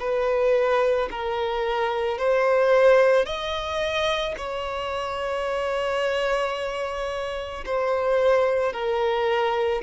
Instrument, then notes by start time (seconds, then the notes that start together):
violin
0.00 B4
1.11 A#4
2.18 C5
3.26 D#5
4.38 C#5
7.66 C5
8.73 A#4